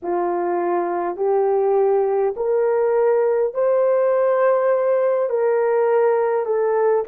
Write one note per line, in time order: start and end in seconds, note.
0.02 1.16 F4
1.16 2.34 G4
2.36 3.53 A#4
3.53 5.29 C5
5.29 6.45 A#4
6.45 7.04 A4